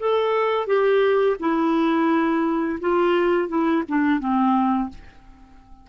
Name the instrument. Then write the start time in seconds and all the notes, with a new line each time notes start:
clarinet
0.00 A4
0.67 G4
1.40 E4
2.81 F4
3.49 E4
3.89 D4
4.20 C4